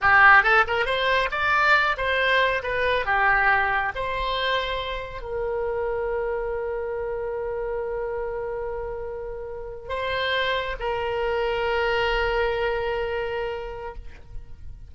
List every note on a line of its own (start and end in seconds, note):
0.01 0.43 G4
0.43 0.64 A4
0.67 0.85 A#4
0.85 1.29 C5
1.31 1.96 D5
1.97 2.62 C5
2.62 3.05 B4
3.05 3.92 G4
3.95 5.21 C5
5.21 9.89 A#4
9.89 10.75 C5
10.79 13.94 A#4